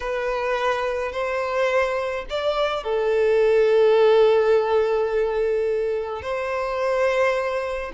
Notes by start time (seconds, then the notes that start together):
0.00 B4
1.12 C5
2.29 D5
2.83 A4
6.21 C5